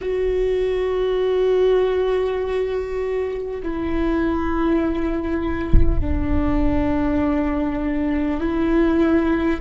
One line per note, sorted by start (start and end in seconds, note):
0.01 3.61 F#4
3.63 6.00 E4
6.00 8.40 D4
8.40 9.60 E4